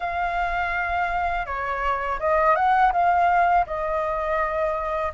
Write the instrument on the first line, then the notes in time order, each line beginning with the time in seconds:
flute
0.00 F5
1.46 C#5
2.19 D#5
2.55 F#5
2.92 F5
3.66 D#5